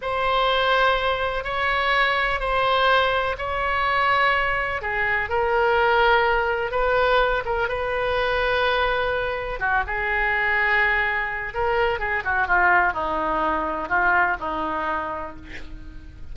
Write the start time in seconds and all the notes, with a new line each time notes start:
0.01 C5
1.44 C#5
2.40 C5
3.38 C#5
4.81 G#4
5.29 A#4
6.71 B4
7.45 A#4
7.68 B4
9.59 F#4
9.86 G#4
11.54 A#4
11.99 G#4
12.24 F#4
12.47 F4
12.93 D#4
13.89 F4
14.40 D#4